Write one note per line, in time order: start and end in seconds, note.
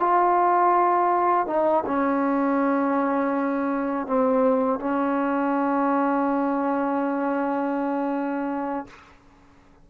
0.00 1.47 F4
1.47 1.84 D#4
1.87 4.07 C#4
4.07 4.79 C4
4.79 8.87 C#4